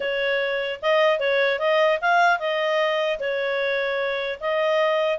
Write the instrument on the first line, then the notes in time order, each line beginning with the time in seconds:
clarinet
0.00 C#5
0.82 D#5
1.19 C#5
1.59 D#5
2.01 F5
2.39 D#5
3.19 C#5
4.40 D#5